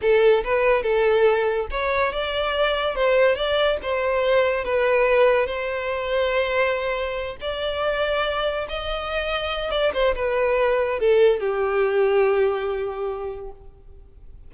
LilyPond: \new Staff \with { instrumentName = "violin" } { \time 4/4 \tempo 4 = 142 a'4 b'4 a'2 | cis''4 d''2 c''4 | d''4 c''2 b'4~ | b'4 c''2.~ |
c''4. d''2~ d''8~ | d''8 dis''2~ dis''8 d''8 c''8 | b'2 a'4 g'4~ | g'1 | }